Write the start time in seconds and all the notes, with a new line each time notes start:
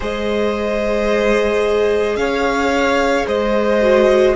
0.00 G#3 G#4 C5 D#5
2.16 C#4 C#5 F5
3.27 G#3 C5 D#5
3.81 F#4